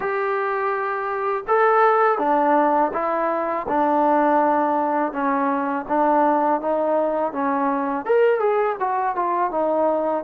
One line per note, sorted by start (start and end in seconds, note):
0.00 1.43 G4
1.47 2.18 A4
2.18 2.91 D4
2.93 3.66 E4
3.68 5.12 D4
5.12 5.85 C#4
5.88 6.60 D4
6.60 7.32 D#4
7.32 8.05 C#4
8.05 8.39 A#4
8.39 8.76 G#4
8.79 9.15 F#4
9.15 9.51 F4
9.51 10.24 D#4